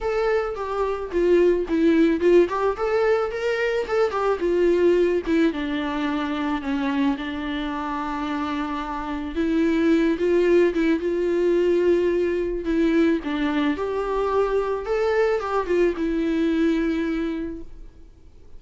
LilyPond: \new Staff \with { instrumentName = "viola" } { \time 4/4 \tempo 4 = 109 a'4 g'4 f'4 e'4 | f'8 g'8 a'4 ais'4 a'8 g'8 | f'4. e'8 d'2 | cis'4 d'2.~ |
d'4 e'4. f'4 e'8 | f'2. e'4 | d'4 g'2 a'4 | g'8 f'8 e'2. | }